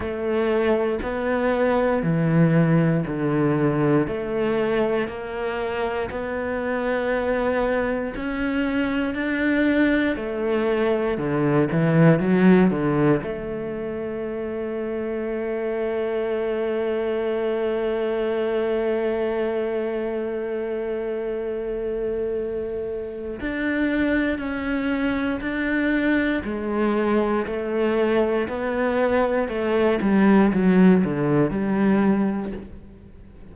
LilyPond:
\new Staff \with { instrumentName = "cello" } { \time 4/4 \tempo 4 = 59 a4 b4 e4 d4 | a4 ais4 b2 | cis'4 d'4 a4 d8 e8 | fis8 d8 a2.~ |
a1~ | a2. d'4 | cis'4 d'4 gis4 a4 | b4 a8 g8 fis8 d8 g4 | }